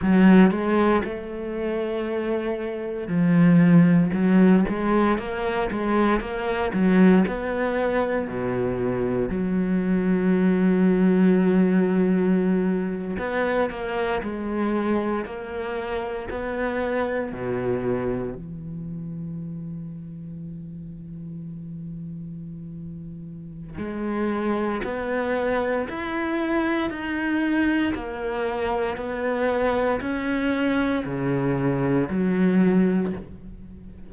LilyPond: \new Staff \with { instrumentName = "cello" } { \time 4/4 \tempo 4 = 58 fis8 gis8 a2 f4 | fis8 gis8 ais8 gis8 ais8 fis8 b4 | b,4 fis2.~ | fis8. b8 ais8 gis4 ais4 b16~ |
b8. b,4 e2~ e16~ | e2. gis4 | b4 e'4 dis'4 ais4 | b4 cis'4 cis4 fis4 | }